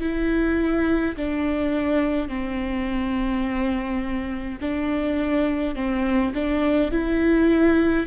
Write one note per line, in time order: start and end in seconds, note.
0.00 1.15 E4
1.16 2.28 D4
2.28 4.59 C4
4.60 5.75 D4
5.75 6.33 C4
6.34 6.91 D4
6.91 8.07 E4